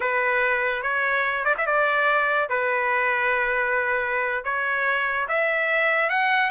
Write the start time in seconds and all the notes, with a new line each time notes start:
0.00 B4
0.82 C#5
1.44 D5
1.57 E5
1.66 D5
2.49 B4
4.44 C#5
5.28 E5
6.09 F#5